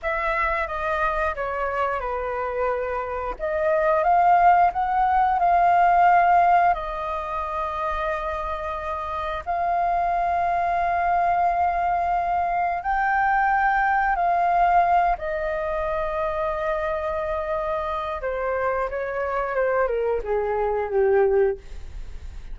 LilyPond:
\new Staff \with { instrumentName = "flute" } { \time 4/4 \tempo 4 = 89 e''4 dis''4 cis''4 b'4~ | b'4 dis''4 f''4 fis''4 | f''2 dis''2~ | dis''2 f''2~ |
f''2. g''4~ | g''4 f''4. dis''4.~ | dis''2. c''4 | cis''4 c''8 ais'8 gis'4 g'4 | }